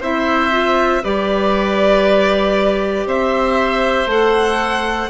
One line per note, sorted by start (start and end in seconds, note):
0.00 1.03 C4
0.00 0.51 E4
0.00 1.02 C5
0.00 1.04 E5
0.51 1.01 F4
1.03 3.06 G3
1.03 4.08 G4
1.03 3.07 B4
1.03 3.07 D5
3.06 4.06 C4
3.06 5.10 C5
3.06 4.10 E5
4.06 5.08 A3
4.06 5.10 A4
4.06 5.10 F#5